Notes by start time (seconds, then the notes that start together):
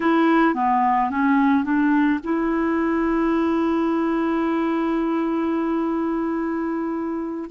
0.00 E4
0.54 B3
1.10 C#4
1.64 D4
2.23 E4